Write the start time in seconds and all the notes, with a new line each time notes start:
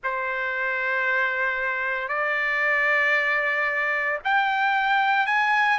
0.03 C5
2.08 D5
4.24 G5
5.26 G#5